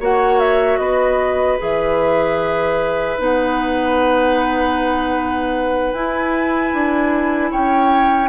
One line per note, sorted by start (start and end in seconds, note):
0.00 0.79 A#3
0.00 1.59 F#4
0.00 0.79 C#5
0.00 0.39 F#5
0.39 0.79 E5
0.79 1.58 B3
0.79 7.51 B4
0.79 1.58 D#5
1.59 3.18 E3
1.59 3.16 G#4
1.59 3.20 E5
3.18 5.93 B3
3.18 5.95 D#4
3.18 5.93 F#5
5.93 6.72 E4
5.93 8.29 E4
5.93 7.51 G#5
6.73 7.52 D4
7.51 8.29 C#4
7.51 8.29 C#5
7.51 8.29 G5